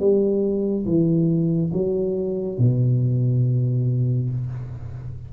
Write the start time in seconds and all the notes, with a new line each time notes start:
0.00 G3
0.86 E3
1.73 F#3
2.59 B2